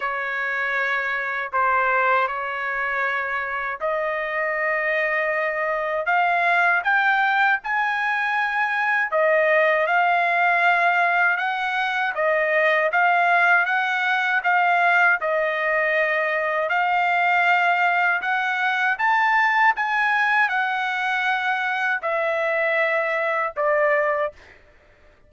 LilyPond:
\new Staff \with { instrumentName = "trumpet" } { \time 4/4 \tempo 4 = 79 cis''2 c''4 cis''4~ | cis''4 dis''2. | f''4 g''4 gis''2 | dis''4 f''2 fis''4 |
dis''4 f''4 fis''4 f''4 | dis''2 f''2 | fis''4 a''4 gis''4 fis''4~ | fis''4 e''2 d''4 | }